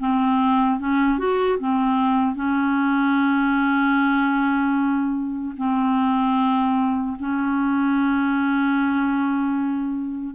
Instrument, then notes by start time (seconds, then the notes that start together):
clarinet
0.00 C4
0.80 C#4
1.19 F#4
1.59 C4
2.36 C#4
5.57 C4
7.20 C#4